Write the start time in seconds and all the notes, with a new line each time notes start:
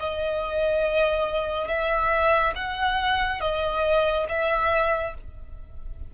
0.00 D#5
1.68 E5
2.56 F#5
3.41 D#5
4.29 E5